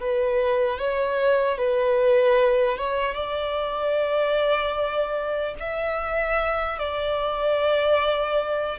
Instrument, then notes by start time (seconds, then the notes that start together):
violin
0.00 B4
0.79 C#5
1.58 B4
2.77 C#5
3.15 D5
5.60 E5
6.79 D5